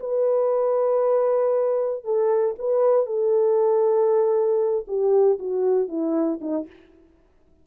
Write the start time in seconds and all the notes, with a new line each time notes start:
0.00 B4
2.04 A4
2.59 B4
3.06 A4
4.88 G4
5.39 F#4
5.89 E4
6.41 D#4